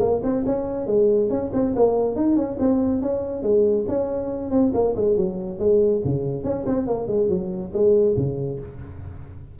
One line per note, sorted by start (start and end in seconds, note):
0.00 0.21 A#3
0.23 0.45 C4
0.46 0.87 C#4
0.87 1.30 G#3
1.30 1.51 C#4
1.53 1.75 C4
1.76 2.16 A#3
2.16 2.36 D#4
2.36 2.58 C#4
2.60 3.02 C4
3.02 3.43 C#4
3.43 3.86 G#3
3.88 4.51 C#4
4.51 4.72 C4
4.74 4.95 A#3
4.96 5.17 G#3
5.17 5.59 F#3
5.59 6.02 G#3
6.05 6.44 C#3
6.44 6.65 C#4
6.66 6.87 C4
6.87 7.08 A#3
7.08 7.29 G#3
7.30 7.72 F#3
7.74 8.17 G#3
8.17 8.60 C#3